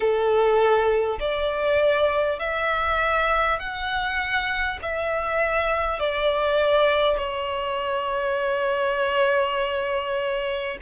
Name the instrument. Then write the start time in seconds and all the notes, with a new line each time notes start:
violin
0.00 A4
1.19 D5
2.39 E5
3.59 F#5
4.82 E5
5.99 D5
7.17 C#5